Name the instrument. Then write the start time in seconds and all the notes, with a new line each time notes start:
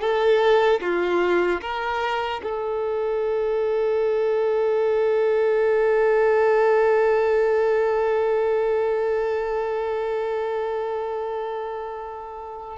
violin
0.00 A4
0.80 F4
1.61 A#4
2.43 A4